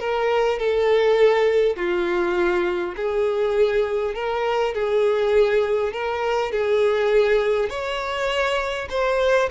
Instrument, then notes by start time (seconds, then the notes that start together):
violin
0.00 A#4
0.59 A4
1.76 F4
2.96 G#4
4.15 A#4
4.75 G#4
5.93 A#4
6.52 G#4
7.70 C#5
8.90 C5